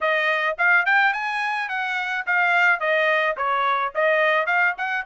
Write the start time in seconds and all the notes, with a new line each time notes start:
0.01 D#5
0.58 F5
0.85 G5
1.13 G#5
1.68 F#5
2.26 F5
2.80 D#5
3.36 C#5
3.94 D#5
4.46 F5
4.77 F#5